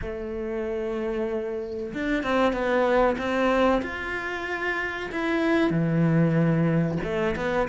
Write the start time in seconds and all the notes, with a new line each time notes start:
0.01 A3
1.93 D4
2.23 C4
2.52 B3
3.17 C4
3.82 F4
5.11 E4
5.70 E3
7.03 A3
7.35 B3